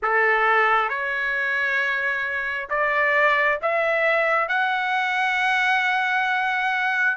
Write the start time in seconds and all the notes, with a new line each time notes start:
0.02 A4
0.89 C#5
2.69 D5
3.62 E5
4.48 F#5